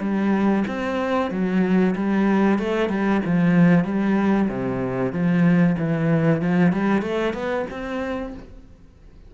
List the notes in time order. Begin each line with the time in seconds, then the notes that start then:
0.00 G3
0.68 C4
1.31 F#3
1.96 G3
2.59 A3
2.89 G3
3.25 F3
3.84 G3
4.49 C3
5.12 F3
5.79 E3
6.41 F3
6.72 G3
7.02 A3
7.34 B3
7.70 C4